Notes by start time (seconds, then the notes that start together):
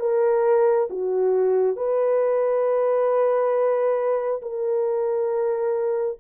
0.00 A#4
0.90 F#4
1.76 B4
4.42 A#4